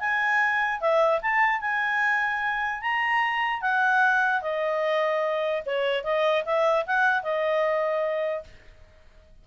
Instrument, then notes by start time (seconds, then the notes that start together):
clarinet
0.00 G#5
0.81 E5
1.22 A5
1.61 G#5
2.81 A#5
3.61 F#5
4.42 D#5
5.66 C#5
6.04 D#5
6.45 E5
6.86 F#5
7.23 D#5